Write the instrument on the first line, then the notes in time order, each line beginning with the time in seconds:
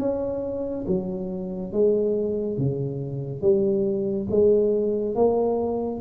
tuba
0.00 C#4
0.87 F#3
1.73 G#3
2.58 C#3
3.42 G3
4.31 G#3
5.15 A#3